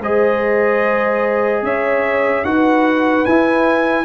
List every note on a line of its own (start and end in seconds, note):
0.00 1.62 G#3
0.00 2.44 G#4
0.00 1.64 C5
0.00 1.64 D#5
1.62 2.43 C#4
1.62 2.45 C#5
1.62 2.44 E5
2.44 3.25 D#4
2.44 3.26 F#4
2.44 4.04 B4
2.44 3.25 F#5
3.25 4.04 E4
3.25 4.04 G#5